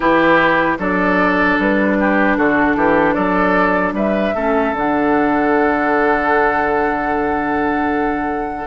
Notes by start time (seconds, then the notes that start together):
0.00 E3 E4 G4 B4
0.78 F#3 D4 A4 D5
1.58 G3 B4
1.99 G4
2.37 D3 F#4 A4
2.75 E3 G4
3.13 F#3 A4 D5
3.93 G3 B4 E5
4.35 A3 C#4 A4
4.72 D3 D4 F#5